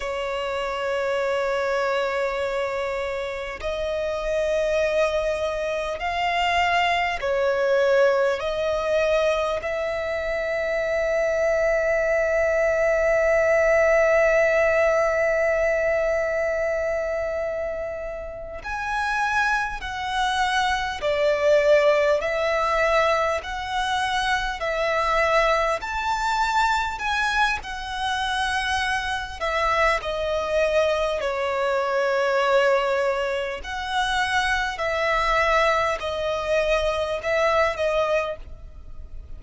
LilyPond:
\new Staff \with { instrumentName = "violin" } { \time 4/4 \tempo 4 = 50 cis''2. dis''4~ | dis''4 f''4 cis''4 dis''4 | e''1~ | e''2.~ e''8 gis''8~ |
gis''8 fis''4 d''4 e''4 fis''8~ | fis''8 e''4 a''4 gis''8 fis''4~ | fis''8 e''8 dis''4 cis''2 | fis''4 e''4 dis''4 e''8 dis''8 | }